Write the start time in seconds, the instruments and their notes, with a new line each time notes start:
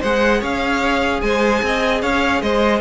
0.00 cello G#3, viola G#4, violin C5 F#5
0.39 cello C#4, violin C#5 F5
1.21 cello G#3, violin C5 G#5
1.62 cello C4, violin D#5
2.02 cello C#4, violin C#5 F5
2.41 cello G#3, violin C5 D#5